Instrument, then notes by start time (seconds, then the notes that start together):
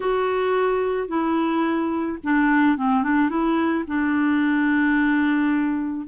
clarinet
0.00 F#4
1.08 E4
2.23 D4
2.77 C4
3.03 D4
3.29 E4
3.87 D4